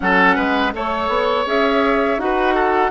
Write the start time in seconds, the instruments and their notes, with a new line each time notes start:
0.00 bassoon F#3, clarinet C#4, oboe A4, flute F#5
0.35 bassoon G#3, oboe B4
0.73 bassoon A3, clarinet A4, oboe C#5, flute C#5
1.08 bassoon B3
1.46 bassoon C#4, clarinet G#4, flute E5
2.18 bassoon D#4, clarinet F#4, oboe B4, flute F#5
2.54 oboe A4